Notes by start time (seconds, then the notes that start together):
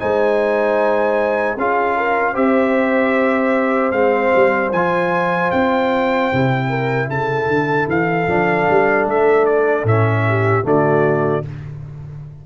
0.00 G#3 D#4 C5 G#5
1.57 C#4 F4 G#4 F5
1.97 A#4
2.33 C4 G4 C5 E5
3.92 G#3 C4 F5
4.35 G3
4.72 F3 F4 G#5
5.51 C4 G5
6.34 C3 E4
6.69 A#4
7.09 C#3 A4 A5
7.49 D3
7.88 E3 F5
8.28 F3 D4
8.70 G3
9.06 A3 E5
9.46 D5
9.84 A2 C#4 E5
10.28 G4
10.64 D3 A3 F#4 D5